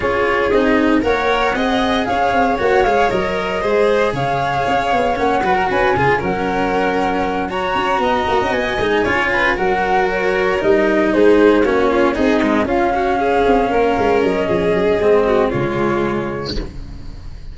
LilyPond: <<
  \new Staff \with { instrumentName = "flute" } { \time 4/4 \tempo 4 = 116 cis''4 dis''4 fis''2 | f''4 fis''8 f''8 dis''2 | f''2 fis''4 gis''4 | fis''2~ fis''8 ais''4.~ |
ais''8 gis''2 fis''4 cis''8~ | cis''8 dis''4 c''4 cis''4 dis''8~ | dis''8 f''2. dis''8~ | dis''2 cis''2 | }
  \new Staff \with { instrumentName = "violin" } { \time 4/4 gis'2 cis''4 dis''4 | cis''2. c''4 | cis''2~ cis''8 b'16 ais'16 b'8 gis'8 | ais'2~ ais'8 cis''4 dis''8~ |
dis''4. cis''8 b'8 ais'4.~ | ais'4. gis'4 fis'8 f'8 dis'8~ | dis'8 f'8 fis'8 gis'4 ais'4. | gis'4. fis'8 f'2 | }
  \new Staff \with { instrumentName = "cello" } { \time 4/4 f'4 dis'4 ais'4 gis'4~ | gis'4 fis'8 gis'8 ais'4 gis'4~ | gis'2 cis'8 fis'4 f'8 | cis'2~ cis'8 fis'4.~ |
fis'4 dis'8 f'4 fis'4.~ | fis'8 dis'2 cis'4 gis'8 | gis8 cis'2.~ cis'8~ | cis'4 c'4 gis2 | }
  \new Staff \with { instrumentName = "tuba" } { \time 4/4 cis'4 c'4 ais4 c'4 | cis'8 c'8 ais8 gis8 fis4 gis4 | cis4 cis'8 b8 ais8 fis8 cis'8 cis8 | fis2. cis'8 b8 |
ais16 cis'16 b8 gis8 cis'4 fis4.~ | fis8 g4 gis4 ais4 c'8~ | c'8 cis'4. c'8 ais8 gis8 fis8 | f8 fis8 gis4 cis2 | }
>>